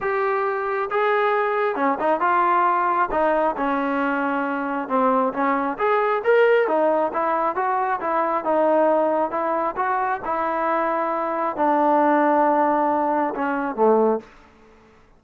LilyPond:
\new Staff \with { instrumentName = "trombone" } { \time 4/4 \tempo 4 = 135 g'2 gis'2 | cis'8 dis'8 f'2 dis'4 | cis'2. c'4 | cis'4 gis'4 ais'4 dis'4 |
e'4 fis'4 e'4 dis'4~ | dis'4 e'4 fis'4 e'4~ | e'2 d'2~ | d'2 cis'4 a4 | }